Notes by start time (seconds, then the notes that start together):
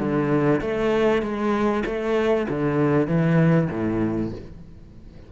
0.00 D3
0.61 A3
1.23 G#3
1.86 A3
2.49 D3
3.08 E3
3.71 A2